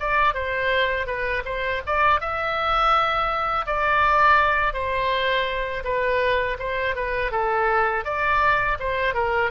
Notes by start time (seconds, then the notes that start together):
0.00 D5
0.35 C5
1.07 B4
1.45 C5
1.87 D5
2.21 E5
3.67 D5
4.74 C5
5.85 B4
6.60 C5
6.96 B4
7.32 A4
8.05 D5
8.80 C5
9.15 A#4